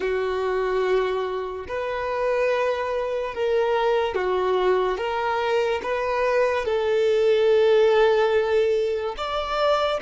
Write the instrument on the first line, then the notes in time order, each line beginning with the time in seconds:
violin
0.00 F#4
1.68 B4
3.34 A#4
4.14 F#4
4.97 A#4
5.82 B4
6.65 A4
9.17 D5